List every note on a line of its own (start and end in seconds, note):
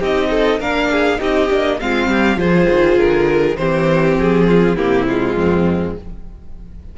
0.00 0.60 C4
0.00 0.61 D#4
0.00 0.30 G4
0.00 0.61 D#5
0.30 0.60 A4
0.60 1.19 A#3
0.60 1.18 D4
0.60 0.90 A#4
0.60 1.21 F5
0.92 1.20 G#4
1.18 1.50 C4
1.18 1.48 D#4
1.18 1.79 G4
1.18 1.81 D#5
1.50 1.81 A#3
1.50 1.80 D4
1.81 2.08 G#3
1.81 2.37 C4
1.81 2.09 F4
1.81 2.40 F5
2.08 2.37 G3
2.08 2.38 G4
2.37 2.67 F3
2.37 3.56 F4
2.37 3.59 G#4
2.37 2.99 C5
2.70 2.97 D#3
2.97 3.56 D3
2.97 3.57 A#4
3.57 4.17 E3
3.57 4.78 C4
3.57 4.48 G4
3.57 4.16 C5
4.17 4.77 F3
4.17 4.78 G#4
4.48 4.76 F4
4.76 5.36 C3
4.76 5.07 A#3
4.76 5.36 E4
4.76 5.08 G4
5.08 5.98 G#3
5.08 5.97 F4
5.36 5.96 F2
5.36 5.97 C4